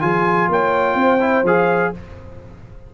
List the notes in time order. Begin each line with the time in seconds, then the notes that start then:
0.00 F3 F4 G#4 G#5
0.49 A#3 C#5 G5
0.95 C4 C5
1.20 E4
1.43 F3 G#4 F5